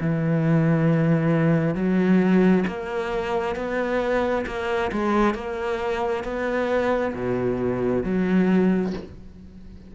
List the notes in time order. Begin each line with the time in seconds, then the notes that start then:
0.00 E3
1.75 F#3
2.67 A#3
3.55 B3
4.46 A#3
4.92 G#3
5.34 A#3
6.24 B3
7.14 B2
8.04 F#3